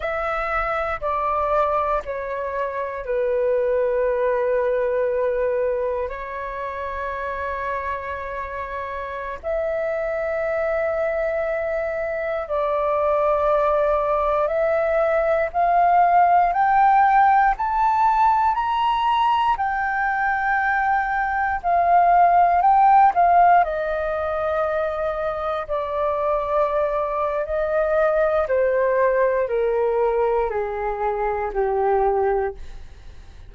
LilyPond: \new Staff \with { instrumentName = "flute" } { \time 4/4 \tempo 4 = 59 e''4 d''4 cis''4 b'4~ | b'2 cis''2~ | cis''4~ cis''16 e''2~ e''8.~ | e''16 d''2 e''4 f''8.~ |
f''16 g''4 a''4 ais''4 g''8.~ | g''4~ g''16 f''4 g''8 f''8 dis''8.~ | dis''4~ dis''16 d''4.~ d''16 dis''4 | c''4 ais'4 gis'4 g'4 | }